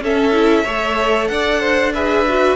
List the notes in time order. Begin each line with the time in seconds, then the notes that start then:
0.00 C#4 A4 E5
0.32 E4
0.64 A3 A4 C#5
1.27 D4 D5 F#5
1.60 C5
1.94 G#4 B4 E5
2.28 F#4